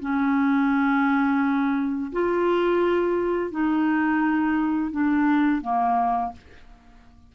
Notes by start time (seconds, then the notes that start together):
0.00 C#4
2.12 F4
3.51 D#4
4.91 D4
5.61 A#3